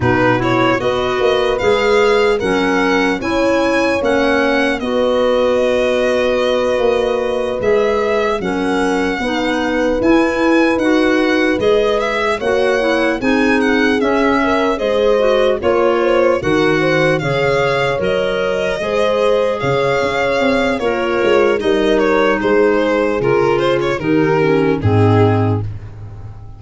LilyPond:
<<
  \new Staff \with { instrumentName = "violin" } { \time 4/4 \tempo 4 = 75 b'8 cis''8 dis''4 f''4 fis''4 | gis''4 fis''4 dis''2~ | dis''4. e''4 fis''4.~ | fis''8 gis''4 fis''4 dis''8 e''8 fis''8~ |
fis''8 gis''8 fis''8 e''4 dis''4 cis''8~ | cis''8 fis''4 f''4 dis''4.~ | dis''8 f''4. cis''4 dis''8 cis''8 | c''4 ais'8 c''16 cis''16 ais'4 gis'4 | }
  \new Staff \with { instrumentName = "horn" } { \time 4/4 fis'4 b'2 ais'4 | cis''2 b'2~ | b'2~ b'8 ais'4 b'8~ | b'2.~ b'8 cis''8~ |
cis''8 gis'4. ais'8 c''4 cis''8 | c''8 ais'8 c''8 cis''2 c''8~ | c''8 cis''4. f'4 ais'4 | gis'2 g'4 dis'4 | }
  \new Staff \with { instrumentName = "clarinet" } { \time 4/4 dis'8 e'8 fis'4 gis'4 cis'4 | e'4 cis'4 fis'2~ | fis'4. gis'4 cis'4 dis'8~ | dis'8 e'4 fis'4 gis'4 fis'8 |
e'8 dis'4 cis'4 gis'8 fis'8 f'8~ | f'8 fis'4 gis'4 ais'4 gis'8~ | gis'2 ais'4 dis'4~ | dis'4 f'4 dis'8 cis'8 c'4 | }
  \new Staff \with { instrumentName = "tuba" } { \time 4/4 b,4 b8 ais8 gis4 fis4 | cis'4 ais4 b2~ | b8 ais4 gis4 fis4 b8~ | b8 e'4 dis'4 gis4 ais8~ |
ais8 c'4 cis'4 gis4 ais8~ | ais8 dis4 cis4 fis4 gis8~ | gis8 cis8 cis'8 c'8 ais8 gis8 g4 | gis4 cis4 dis4 gis,4 | }
>>